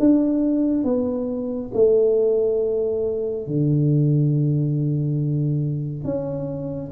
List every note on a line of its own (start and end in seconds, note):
0.00 0.85 D4
0.85 1.72 B3
1.74 3.47 A3
3.47 6.05 D3
6.05 6.92 C#4